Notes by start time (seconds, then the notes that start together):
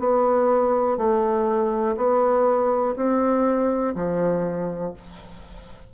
0.00 B3
0.98 A3
1.97 B3
2.97 C4
3.96 F3